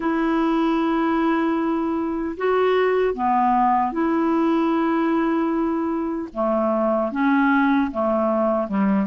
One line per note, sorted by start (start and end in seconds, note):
0.00 2.36 E4
2.37 3.14 F#4
3.14 3.92 B3
3.92 6.28 E4
6.33 7.11 A3
7.11 7.90 C#4
7.91 8.67 A3
8.67 9.06 G3